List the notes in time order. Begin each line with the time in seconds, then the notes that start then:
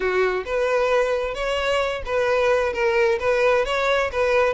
0.00 F#4
0.45 B4
1.34 C#5
2.05 B4
2.73 A#4
3.19 B4
3.65 C#5
4.12 B4